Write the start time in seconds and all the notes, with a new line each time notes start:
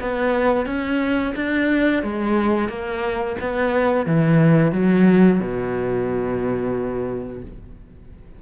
0.00 B3
0.66 C#4
1.35 D4
2.02 G#3
2.68 A#3
3.40 B3
4.05 E3
4.72 F#3
5.39 B2